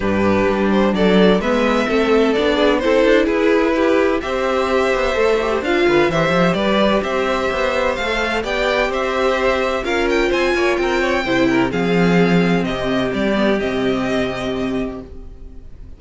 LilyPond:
<<
  \new Staff \with { instrumentName = "violin" } { \time 4/4 \tempo 4 = 128 b'4. c''8 d''4 e''4~ | e''4 d''4 c''4 b'4~ | b'4 e''2. | f''4 e''4 d''4 e''4~ |
e''4 f''4 g''4 e''4~ | e''4 f''8 g''8 gis''4 g''4~ | g''4 f''2 dis''4 | d''4 dis''2. | }
  \new Staff \with { instrumentName = "violin" } { \time 4/4 g'2 a'4 b'4 | a'4. gis'8 a'4 gis'4 | g'4 c''2.~ | c''8 b'8 c''4 b'4 c''4~ |
c''2 d''4 c''4~ | c''4 ais'4 c''8 cis''8 ais'8 cis''8 | c''8 ais'8 gis'2 g'4~ | g'1 | }
  \new Staff \with { instrumentName = "viola" } { \time 4/4 d'2. b4 | c'4 d'4 e'2~ | e'4 g'2 a'8 g'8 | f'4 g'2.~ |
g'4 a'4 g'2~ | g'4 f'2. | e'4 c'2.~ | c'8 b8 c'2. | }
  \new Staff \with { instrumentName = "cello" } { \time 4/4 g,4 g4 fis4 gis4 | a4 b4 c'8 d'8 e'4~ | e'4 c'4. b8 a4 | d'8 d8 e8 f8 g4 c'4 |
b4 a4 b4 c'4~ | c'4 cis'4 c'8 ais8 c'4 | c4 f2 c4 | g4 c2. | }
>>